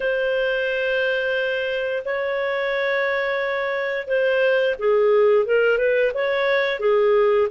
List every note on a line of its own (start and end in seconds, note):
0.00 2.02 C5
2.05 4.07 C#5
4.07 4.75 C5
4.78 5.45 G#4
5.45 5.77 A#4
5.77 6.11 B4
6.14 6.79 C#5
6.79 7.48 G#4